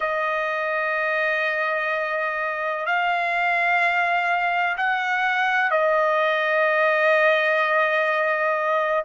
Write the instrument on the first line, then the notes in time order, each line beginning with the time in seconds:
trumpet
0.00 D#5
2.86 F5
4.77 F#5
5.70 D#5